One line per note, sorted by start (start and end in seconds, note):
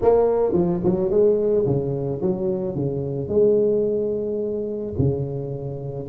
0.01 0.53 A#3
0.53 0.80 F3
0.84 1.10 F#3
1.10 1.65 G#3
1.66 2.21 C#3
2.21 2.75 F#3
2.75 3.28 C#3
3.28 4.93 G#3
4.98 6.08 C#3